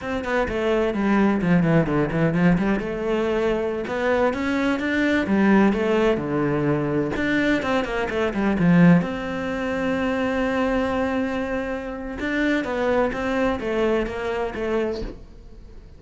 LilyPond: \new Staff \with { instrumentName = "cello" } { \time 4/4 \tempo 4 = 128 c'8 b8 a4 g4 f8 e8 | d8 e8 f8 g8 a2~ | a16 b4 cis'4 d'4 g8.~ | g16 a4 d2 d'8.~ |
d'16 c'8 ais8 a8 g8 f4 c'8.~ | c'1~ | c'2 d'4 b4 | c'4 a4 ais4 a4 | }